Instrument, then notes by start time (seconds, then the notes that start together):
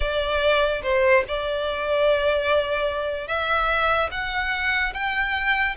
violin
0.00 D5
0.83 C5
1.27 D5
3.27 E5
4.11 F#5
4.93 G5